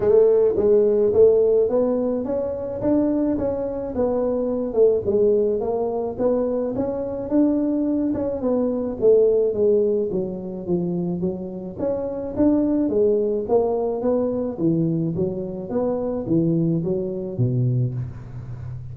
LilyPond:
\new Staff \with { instrumentName = "tuba" } { \time 4/4 \tempo 4 = 107 a4 gis4 a4 b4 | cis'4 d'4 cis'4 b4~ | b8 a8 gis4 ais4 b4 | cis'4 d'4. cis'8 b4 |
a4 gis4 fis4 f4 | fis4 cis'4 d'4 gis4 | ais4 b4 e4 fis4 | b4 e4 fis4 b,4 | }